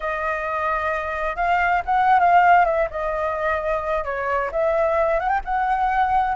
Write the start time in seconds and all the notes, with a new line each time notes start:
0.00 D#5
1.36 F5
1.85 F#5
2.19 F5
2.65 E5
2.90 D#5
4.04 C#5
4.51 E5
5.19 F#5
5.28 G5
5.45 F#5